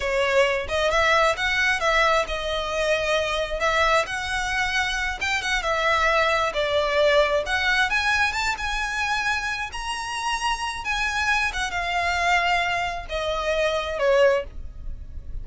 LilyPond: \new Staff \with { instrumentName = "violin" } { \time 4/4 \tempo 4 = 133 cis''4. dis''8 e''4 fis''4 | e''4 dis''2. | e''4 fis''2~ fis''8 g''8 | fis''8 e''2 d''4.~ |
d''8 fis''4 gis''4 a''8 gis''4~ | gis''4. ais''2~ ais''8 | gis''4. fis''8 f''2~ | f''4 dis''2 cis''4 | }